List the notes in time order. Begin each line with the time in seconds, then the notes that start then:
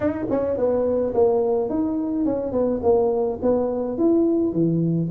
0.00 D#4
0.30 C#4
0.57 B3
1.13 A#3
1.69 D#4
2.25 C#4
2.52 B3
2.83 A#3
3.42 B3
3.98 E4
4.52 E3